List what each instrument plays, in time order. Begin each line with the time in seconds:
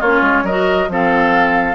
0.00 bassoon A#3, clarinet C#4, oboe F4, flute C#5
0.22 bassoon G#3
0.44 bassoon F#3, clarinet F#4, oboe A#4, flute D#5
0.89 bassoon F3, clarinet C4, oboe A4, flute F5